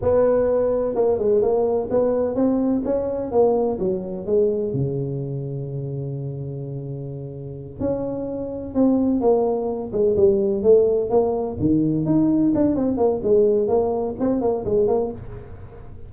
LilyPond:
\new Staff \with { instrumentName = "tuba" } { \time 4/4 \tempo 4 = 127 b2 ais8 gis8 ais4 | b4 c'4 cis'4 ais4 | fis4 gis4 cis2~ | cis1~ |
cis8 cis'2 c'4 ais8~ | ais4 gis8 g4 a4 ais8~ | ais8 dis4 dis'4 d'8 c'8 ais8 | gis4 ais4 c'8 ais8 gis8 ais8 | }